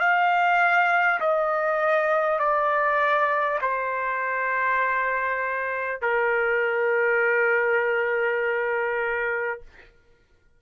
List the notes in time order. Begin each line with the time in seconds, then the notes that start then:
0.00 F5
1.20 D#5
2.39 D5
3.62 C5
6.02 A#4